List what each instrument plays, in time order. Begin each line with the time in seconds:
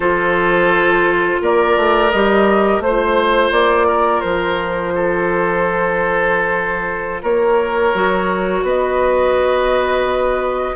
0.00 bassoon F3, clarinet F4, oboe A4, flute C5
1.41 bassoon A#3, oboe A#4, flute D5
1.76 bassoon A3
2.10 bassoon G3, clarinet G4, flute D#5
2.79 bassoon A3, clarinet F4, flute C5
2.85 oboe C5
3.51 bassoon A#3, flute D5
3.87 oboe A#4
4.20 bassoon F3, flute C5
4.95 oboe A4
7.22 bassoon A#3, oboe A#4, flute C#5
7.94 bassoon F#3, clarinet F#4
8.62 bassoon B3, oboe B4, flute D#5